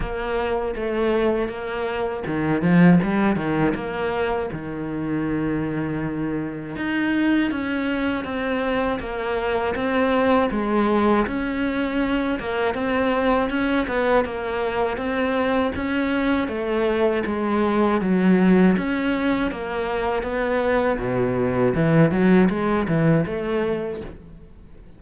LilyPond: \new Staff \with { instrumentName = "cello" } { \time 4/4 \tempo 4 = 80 ais4 a4 ais4 dis8 f8 | g8 dis8 ais4 dis2~ | dis4 dis'4 cis'4 c'4 | ais4 c'4 gis4 cis'4~ |
cis'8 ais8 c'4 cis'8 b8 ais4 | c'4 cis'4 a4 gis4 | fis4 cis'4 ais4 b4 | b,4 e8 fis8 gis8 e8 a4 | }